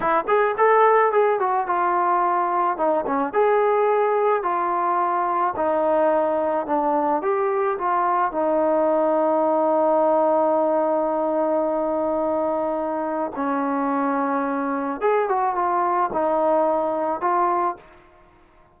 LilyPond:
\new Staff \with { instrumentName = "trombone" } { \time 4/4 \tempo 4 = 108 e'8 gis'8 a'4 gis'8 fis'8 f'4~ | f'4 dis'8 cis'8 gis'2 | f'2 dis'2 | d'4 g'4 f'4 dis'4~ |
dis'1~ | dis'1 | cis'2. gis'8 fis'8 | f'4 dis'2 f'4 | }